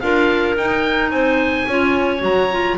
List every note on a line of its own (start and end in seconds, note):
0.00 0.57 D4
0.00 0.58 F4
0.00 1.12 A#4
0.00 0.56 F5
0.57 1.10 D#4
0.57 1.69 D#4
0.57 1.10 G5
1.10 1.66 C4
1.10 1.67 C5
1.10 2.21 G#5
1.67 2.22 C#4
1.67 2.19 F4
1.67 2.78 C#5
2.19 2.77 F#3
2.19 2.47 F#4
2.19 2.78 A#5
2.52 2.78 F4